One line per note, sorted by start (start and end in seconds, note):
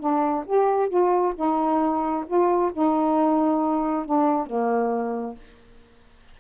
0.00 0.45 D4
0.46 0.89 G4
0.89 1.34 F4
1.36 2.25 D#4
2.27 2.72 F4
2.73 4.06 D#4
4.06 4.47 D4
4.47 5.36 A#3